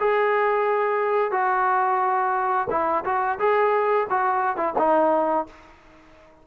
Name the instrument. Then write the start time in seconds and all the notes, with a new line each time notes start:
trombone
0.00 G#4
1.31 F#4
2.70 E4
3.05 F#4
3.39 G#4
4.10 F#4
4.57 E4
4.79 D#4